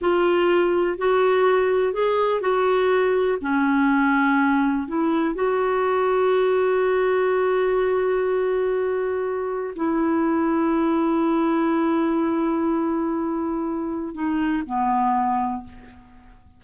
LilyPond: \new Staff \with { instrumentName = "clarinet" } { \time 4/4 \tempo 4 = 123 f'2 fis'2 | gis'4 fis'2 cis'4~ | cis'2 e'4 fis'4~ | fis'1~ |
fis'1 | e'1~ | e'1~ | e'4 dis'4 b2 | }